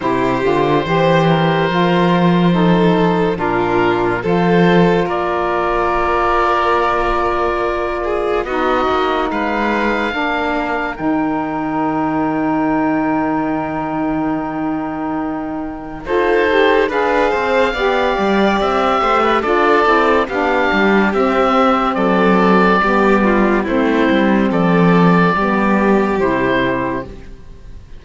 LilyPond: <<
  \new Staff \with { instrumentName = "oboe" } { \time 4/4 \tempo 4 = 71 c''1 | ais'4 c''4 d''2~ | d''2 dis''4 f''4~ | f''4 g''2.~ |
g''2. c''4 | f''2 e''4 d''4 | f''4 e''4 d''2 | c''4 d''2 c''4 | }
  \new Staff \with { instrumentName = "violin" } { \time 4/4 g'4 c''8 ais'4. a'4 | f'4 a'4 ais'2~ | ais'4. gis'8 fis'4 b'4 | ais'1~ |
ais'2. a'4 | b'8 c''8 d''4. c''16 b'16 a'4 | g'2 a'4 g'8 f'8 | e'4 a'4 g'2 | }
  \new Staff \with { instrumentName = "saxophone" } { \time 4/4 e'8 f'8 g'4 f'4 dis'4 | d'4 f'2.~ | f'2 dis'2 | d'4 dis'2.~ |
dis'2. f'8 g'8 | gis'4 g'2 f'8 e'8 | d'4 c'2 b4 | c'2 b4 e'4 | }
  \new Staff \with { instrumentName = "cello" } { \time 4/4 c8 d8 e4 f2 | ais,4 f4 ais2~ | ais2 b8 ais8 gis4 | ais4 dis2.~ |
dis2. dis'4 | d'8 c'8 b8 g8 c'8 a8 d'8 c'8 | b8 g8 c'4 fis4 g4 | a8 g8 f4 g4 c4 | }
>>